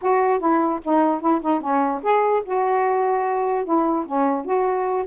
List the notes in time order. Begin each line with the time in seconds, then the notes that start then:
0.01 F#4
0.39 E4
0.84 D#4
1.20 E4
1.41 D#4
1.60 C#4
2.02 G#4
2.45 F#4
3.64 E4
4.06 C#4
4.45 F#4